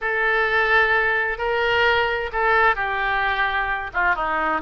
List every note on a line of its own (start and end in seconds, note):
0.01 1.37 A4
1.37 2.30 A#4
2.32 2.75 A4
2.75 3.90 G4
3.93 4.15 F4
4.15 4.61 D#4